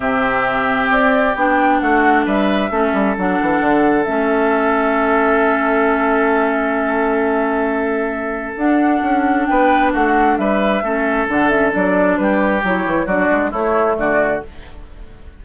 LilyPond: <<
  \new Staff \with { instrumentName = "flute" } { \time 4/4 \tempo 4 = 133 e''2 d''4 g''4 | fis''4 e''2 fis''4~ | fis''4 e''2.~ | e''1~ |
e''2. fis''4~ | fis''4 g''4 fis''4 e''4~ | e''4 fis''8 e''8 d''4 b'4 | cis''4 d''4 cis''4 d''4 | }
  \new Staff \with { instrumentName = "oboe" } { \time 4/4 g'1 | fis'4 b'4 a'2~ | a'1~ | a'1~ |
a'1~ | a'4 b'4 fis'4 b'4 | a'2. g'4~ | g'4 fis'4 e'4 fis'4 | }
  \new Staff \with { instrumentName = "clarinet" } { \time 4/4 c'2. d'4~ | d'2 cis'4 d'4~ | d'4 cis'2.~ | cis'1~ |
cis'2. d'4~ | d'1 | cis'4 d'8 cis'8 d'2 | e'4 d'4 a2 | }
  \new Staff \with { instrumentName = "bassoon" } { \time 4/4 c2 c'4 b4 | a4 g4 a8 g8 fis8 e8 | d4 a2.~ | a1~ |
a2. d'4 | cis'4 b4 a4 g4 | a4 d4 fis4 g4 | fis8 e8 fis8 gis8 a4 d4 | }
>>